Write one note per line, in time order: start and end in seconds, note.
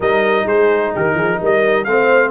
0.00 0.45 G3
0.00 1.87 D#4
0.00 0.46 A#4
0.00 0.47 D#5
0.45 0.92 G#3
0.45 0.93 G#4
0.45 0.94 C5
0.95 1.14 D#3
0.95 1.15 G4
0.95 1.42 A#4
1.14 1.37 F3
1.14 1.39 G#4
1.41 1.85 G3
1.41 1.88 A#4
1.41 1.84 D#5
1.84 2.31 A3
1.84 2.31 C4
1.84 2.31 C5
1.84 2.31 F5